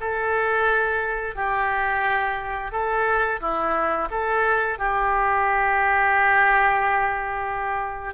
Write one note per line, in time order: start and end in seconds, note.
0.00 1.35 A4
1.35 2.71 G4
2.71 3.40 A4
3.40 4.08 E4
4.10 4.78 A4
4.78 8.14 G4